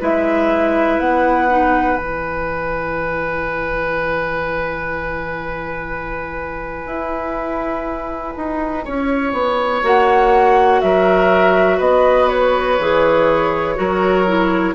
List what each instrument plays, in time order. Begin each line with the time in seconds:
0.00 bassoon G#3, clarinet E4, oboe B4, flute E5
0.99 bassoon B3, flute F#5
1.50 clarinet D#4
1.97 bassoon E3, clarinet E4, flute G#5
6.87 bassoon E4
8.37 bassoon D#4
8.85 bassoon C#4, oboe C#5
9.33 bassoon B3
9.83 bassoon A#3, clarinet F#4, flute F#5
10.81 bassoon F#3, oboe A#4, flute E5
11.78 bassoon B3, oboe B4, flute D#5
12.29 flute C#5
12.80 bassoon E3, clarinet G#4
13.76 bassoon F#3, clarinet F#4, oboe A#4
14.27 clarinet E4